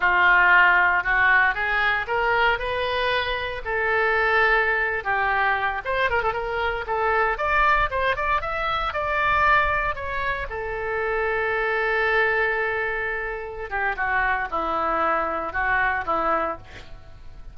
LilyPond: \new Staff \with { instrumentName = "oboe" } { \time 4/4 \tempo 4 = 116 f'2 fis'4 gis'4 | ais'4 b'2 a'4~ | a'4.~ a'16 g'4. c''8 ais'16 | a'16 ais'4 a'4 d''4 c''8 d''16~ |
d''16 e''4 d''2 cis''8.~ | cis''16 a'2.~ a'8.~ | a'2~ a'8 g'8 fis'4 | e'2 fis'4 e'4 | }